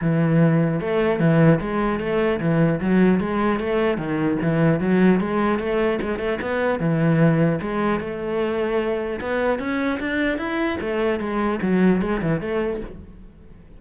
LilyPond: \new Staff \with { instrumentName = "cello" } { \time 4/4 \tempo 4 = 150 e2 a4 e4 | gis4 a4 e4 fis4 | gis4 a4 dis4 e4 | fis4 gis4 a4 gis8 a8 |
b4 e2 gis4 | a2. b4 | cis'4 d'4 e'4 a4 | gis4 fis4 gis8 e8 a4 | }